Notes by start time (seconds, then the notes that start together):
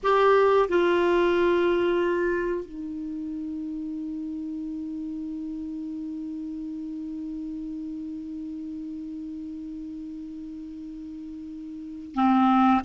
0.03 G4
0.68 F4
2.65 D#4
12.15 C4